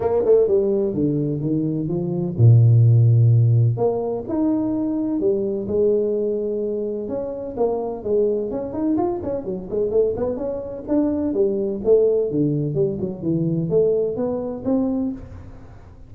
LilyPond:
\new Staff \with { instrumentName = "tuba" } { \time 4/4 \tempo 4 = 127 ais8 a8 g4 d4 dis4 | f4 ais,2. | ais4 dis'2 g4 | gis2. cis'4 |
ais4 gis4 cis'8 dis'8 f'8 cis'8 | fis8 gis8 a8 b8 cis'4 d'4 | g4 a4 d4 g8 fis8 | e4 a4 b4 c'4 | }